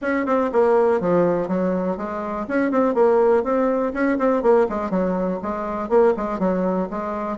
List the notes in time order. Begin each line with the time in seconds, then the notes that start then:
0.01 C#4
0.25 C4
0.52 A#3
1.00 F3
1.48 F#3
1.97 G#3
2.47 C#4
2.71 C4
2.94 A#3
3.43 C4
3.93 C#4
4.18 C4
4.42 A#3
4.69 G#3
4.90 F#3
5.42 G#3
5.89 A#3
6.17 G#3
6.39 F#3
6.90 G#3